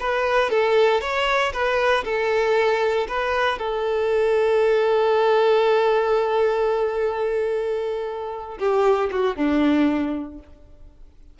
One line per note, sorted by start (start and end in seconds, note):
0.00 0.50 B4
0.50 1.01 A4
1.01 1.52 C#5
1.53 2.04 B4
2.05 3.07 A4
3.08 3.59 B4
3.59 8.59 A4
8.59 9.10 G4
9.11 9.36 F#4
9.36 10.39 D4